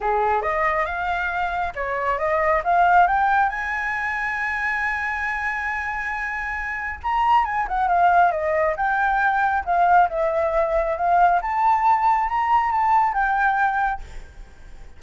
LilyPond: \new Staff \with { instrumentName = "flute" } { \time 4/4 \tempo 4 = 137 gis'4 dis''4 f''2 | cis''4 dis''4 f''4 g''4 | gis''1~ | gis''1 |
ais''4 gis''8 fis''8 f''4 dis''4 | g''2 f''4 e''4~ | e''4 f''4 a''2 | ais''4 a''4 g''2 | }